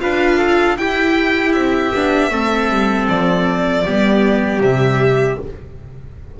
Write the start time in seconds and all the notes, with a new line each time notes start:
0.00 D4 F4 B4 F5
0.38 A4
0.77 E4 G4 G5
1.52 C4 E5
1.95 B3 D4
2.31 A3 C4 A4
2.70 G3
3.08 F3 D5
3.86 G3 B3 G4
4.61 C3 G3 E5